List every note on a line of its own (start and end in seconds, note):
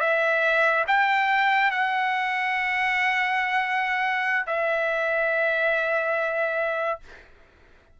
0.00 0.85 E5
0.87 1.71 G5
1.71 4.46 F#5
4.46 7.00 E5